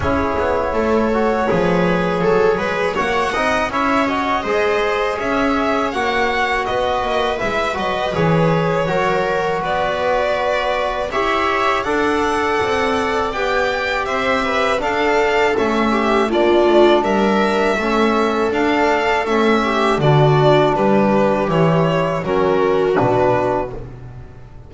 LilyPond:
<<
  \new Staff \with { instrumentName = "violin" } { \time 4/4 \tempo 4 = 81 cis''1 | fis''4 e''8 dis''4. e''4 | fis''4 dis''4 e''8 dis''8 cis''4~ | cis''4 d''2 e''4 |
fis''2 g''4 e''4 | f''4 e''4 d''4 e''4~ | e''4 f''4 e''4 d''4 | b'4 cis''4 ais'4 b'4 | }
  \new Staff \with { instrumentName = "viola" } { \time 4/4 gis'4 a'4 b'4 a'8 b'8 | cis''8 dis''8 cis''4 c''4 cis''4~ | cis''4 b'2. | ais'4 b'2 cis''4 |
d''2. c''8 b'8 | a'4. g'8 f'4 ais'4 | a'2~ a'8 g'8 fis'4 | g'2 fis'2 | }
  \new Staff \with { instrumentName = "trombone" } { \time 4/4 e'4. fis'8 gis'2 | fis'8 dis'8 e'8 fis'8 gis'2 | fis'2 e'8 fis'8 gis'4 | fis'2. g'4 |
a'2 g'2 | d'4 cis'4 d'2 | cis'4 d'4 cis'4 d'4~ | d'4 e'4 cis'4 d'4 | }
  \new Staff \with { instrumentName = "double bass" } { \time 4/4 cis'8 b8 a4 f4 fis8 gis8 | ais8 c'8 cis'4 gis4 cis'4 | ais4 b8 ais8 gis8 fis8 e4 | fis4 b2 e'4 |
d'4 c'4 b4 c'4 | d'4 a4 ais8 a8 g4 | a4 d'4 a4 d4 | g4 e4 fis4 b,4 | }
>>